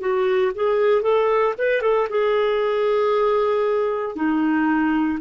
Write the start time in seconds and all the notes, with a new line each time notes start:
0.00 F#4
0.55 G#4
1.02 A4
1.58 B4
1.82 A4
2.09 G#4
4.15 D#4